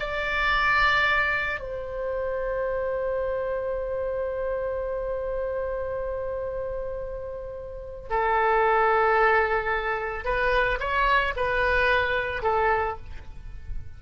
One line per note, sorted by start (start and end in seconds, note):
0.00 1.60 D5
1.60 8.09 C5
8.10 10.25 A4
10.25 10.79 B4
10.80 11.34 C#5
11.36 12.43 B4
12.43 12.97 A4